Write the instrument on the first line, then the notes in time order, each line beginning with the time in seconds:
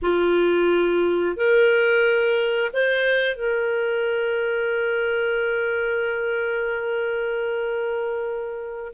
clarinet
0.02 F4
1.36 A#4
2.73 C5
3.35 A#4